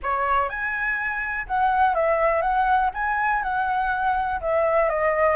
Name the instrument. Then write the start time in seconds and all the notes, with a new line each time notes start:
flute
0.02 C#5
0.49 G#5
1.47 F#5
1.94 E5
2.41 F#5
2.94 G#5
3.42 F#5
4.40 E5
4.89 D#5